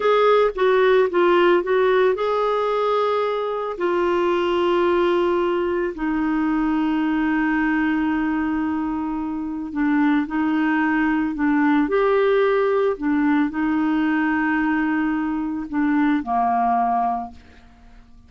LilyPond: \new Staff \with { instrumentName = "clarinet" } { \time 4/4 \tempo 4 = 111 gis'4 fis'4 f'4 fis'4 | gis'2. f'4~ | f'2. dis'4~ | dis'1~ |
dis'2 d'4 dis'4~ | dis'4 d'4 g'2 | d'4 dis'2.~ | dis'4 d'4 ais2 | }